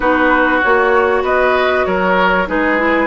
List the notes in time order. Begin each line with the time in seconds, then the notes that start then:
0.00 B3 D#4 F#4 B4
0.62 A#3 F#4 C#5
1.22 B3 B4 D#5
1.85 F#3 A#4 C#5
2.47 G#3 D#4 G#4 B4
2.77 E4